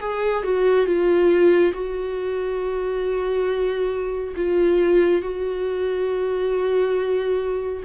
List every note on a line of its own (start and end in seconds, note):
0.00 0.43 G#4
0.43 0.86 F#4
0.86 1.73 F4
1.73 4.34 F#4
4.36 5.22 F4
5.22 7.83 F#4